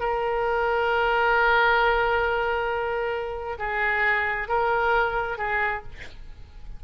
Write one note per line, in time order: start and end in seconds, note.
0.00 3.58 A#4
3.59 4.48 G#4
4.48 5.38 A#4
5.38 5.83 G#4